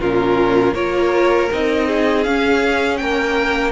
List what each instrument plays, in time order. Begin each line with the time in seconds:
0.00 cello A#2, viola C#4, violin F4 A#4
0.74 cello A#3, viola F4, violin A#4 C#5
1.51 cello C4, viola D#4, violin D#5
1.87 violin G#4
2.24 viola C#4, cello C#4, violin F5
2.97 cello A#3, violin A#4 G5